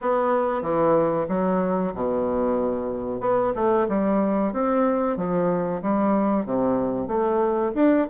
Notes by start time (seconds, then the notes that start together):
0.01 B3
0.61 E3
1.28 F#3
1.94 B2
3.20 B3
3.55 A3
3.88 G3
4.52 C4
5.16 F3
5.82 G3
6.45 C3
7.07 A3
7.74 D4